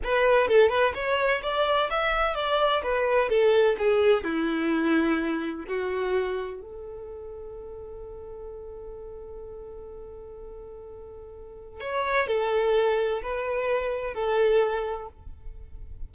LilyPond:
\new Staff \with { instrumentName = "violin" } { \time 4/4 \tempo 4 = 127 b'4 a'8 b'8 cis''4 d''4 | e''4 d''4 b'4 a'4 | gis'4 e'2. | fis'2 a'2~ |
a'1~ | a'1~ | a'4 cis''4 a'2 | b'2 a'2 | }